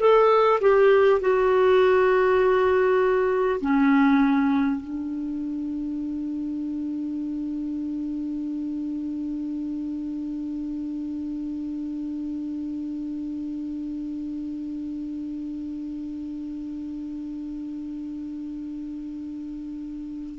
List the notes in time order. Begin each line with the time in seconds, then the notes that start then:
0.00 A4
0.61 G4
1.21 F#4
3.61 C#4
4.81 D4